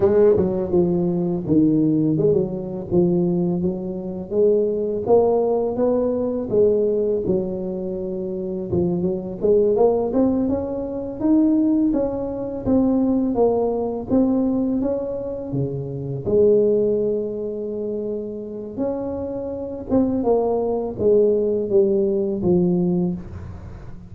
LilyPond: \new Staff \with { instrumentName = "tuba" } { \time 4/4 \tempo 4 = 83 gis8 fis8 f4 dis4 gis16 fis8. | f4 fis4 gis4 ais4 | b4 gis4 fis2 | f8 fis8 gis8 ais8 c'8 cis'4 dis'8~ |
dis'8 cis'4 c'4 ais4 c'8~ | c'8 cis'4 cis4 gis4.~ | gis2 cis'4. c'8 | ais4 gis4 g4 f4 | }